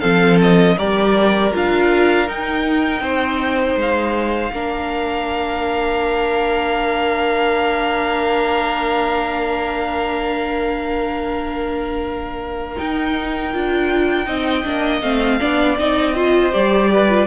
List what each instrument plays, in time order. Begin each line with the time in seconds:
0.00 cello F3, viola C4, violin A4 F5
0.42 violin D#5
0.78 cello G3, viola G4, violin A#4 D5
1.53 cello D4, viola F4, violin F5
2.27 viola D#4, cello D#4, violin G5
3.01 cello C4, violin C5
3.76 cello G#3, violin F5
4.52 cello A#3, viola D4, violin A#4
12.76 viola D#4, cello D#4, violin G5
13.53 cello D4, viola F4
14.26 cello C4, viola D#4, violin D#5
14.64 cello A#3, viola D4
15.02 cello A3, viola C4, violin F5
15.40 cello B3, viola D4, violin D5
15.78 cello C4, viola D#4, violin D#5
16.15 viola F4, violin C5
16.52 cello G3, viola G4, violin D5
16.93 violin B4
17.09 viola F4